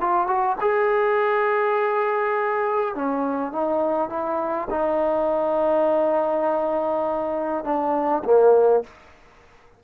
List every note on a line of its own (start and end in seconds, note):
0.00 0.27 F4
0.27 0.56 F#4
0.60 2.95 G#4
2.95 3.52 C#4
3.52 4.09 D#4
4.09 4.68 E4
4.70 7.64 D#4
7.64 8.23 D4
8.24 8.83 A#3